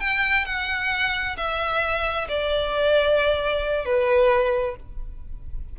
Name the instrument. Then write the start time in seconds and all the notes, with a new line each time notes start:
violin
0.00 G5
0.45 F#5
1.37 E5
2.28 D5
3.85 B4